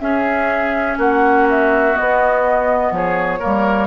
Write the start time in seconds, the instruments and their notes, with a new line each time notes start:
0.00 bassoon C#4, clarinet C#4, oboe G#4, flute E5
0.98 bassoon A#3, oboe F#4, flute F#5
1.50 flute E5
1.94 clarinet B3, bassoon B3, flute D#5
2.91 bassoon F3, oboe G#4, flute C#5
3.40 bassoon G3, clarinet A#3, oboe A#4